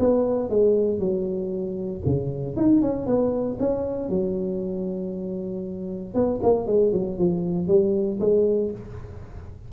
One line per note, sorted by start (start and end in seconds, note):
0.00 0.50 B3
0.50 1.00 G#3
1.00 2.02 F#3
2.06 2.57 C#3
2.57 2.82 D#4
2.82 3.07 C#4
3.07 3.58 B3
3.60 4.10 C#4
4.10 6.15 F#3
6.15 6.40 B3
6.43 6.67 A#3
6.67 6.93 G#3
6.93 7.19 F#3
7.19 7.68 F3
7.68 8.19 G3
8.21 8.72 G#3